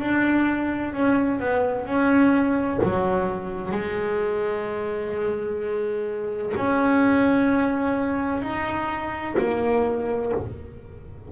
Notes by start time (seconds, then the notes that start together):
0.00 D4
0.93 C#4
1.40 B3
1.87 C#4
2.84 F#3
3.72 G#3
6.57 C#4
8.42 D#4
9.39 A#3